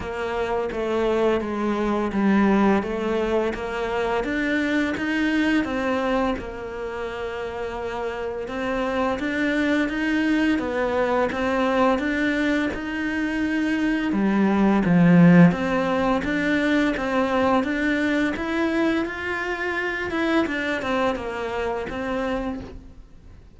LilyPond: \new Staff \with { instrumentName = "cello" } { \time 4/4 \tempo 4 = 85 ais4 a4 gis4 g4 | a4 ais4 d'4 dis'4 | c'4 ais2. | c'4 d'4 dis'4 b4 |
c'4 d'4 dis'2 | g4 f4 c'4 d'4 | c'4 d'4 e'4 f'4~ | f'8 e'8 d'8 c'8 ais4 c'4 | }